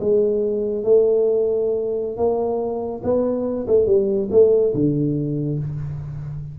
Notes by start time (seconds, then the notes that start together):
0.00 G#3
0.84 A3
2.17 A#3
3.03 B3
3.67 A3
3.86 G3
4.31 A3
4.75 D3